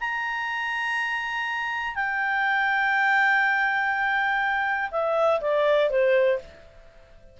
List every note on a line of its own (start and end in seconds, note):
0.00 1.95 A#5
1.95 4.90 G5
4.91 5.40 E5
5.41 5.90 D5
5.90 6.39 C5